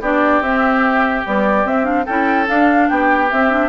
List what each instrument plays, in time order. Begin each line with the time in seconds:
0.00 bassoon B3, clarinet D4, oboe G4, flute D5
0.40 bassoon C4, clarinet C4, flute E5
1.25 clarinet G3, bassoon B3, flute D5
1.65 bassoon C4, clarinet C4, flute E5
1.83 clarinet D4, flute F5
2.05 bassoon C#4, clarinet E4, oboe A4, flute G5
2.46 clarinet D4, bassoon D4, flute F5
2.88 bassoon B3, oboe G4, flute G5
3.30 clarinet C4, bassoon C4, flute E5
3.50 clarinet D4